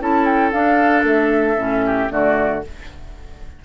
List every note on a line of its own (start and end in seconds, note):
0.00 0.53 C#4
0.00 0.53 E4
0.00 1.86 A4
0.00 0.25 A5
0.25 0.52 G5
0.52 1.04 D4
0.52 1.57 D4
0.52 1.05 F5
1.04 1.56 A3
1.04 2.12 E5
1.56 2.09 A2
1.56 2.10 C#4
1.86 2.12 G4
2.10 2.63 D3
2.10 2.62 A3
2.10 2.65 F#4
2.10 2.64 D5